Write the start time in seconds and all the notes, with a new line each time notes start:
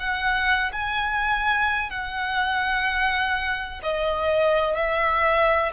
0.00 F#5
0.73 G#5
1.90 F#5
3.83 D#5
4.77 E5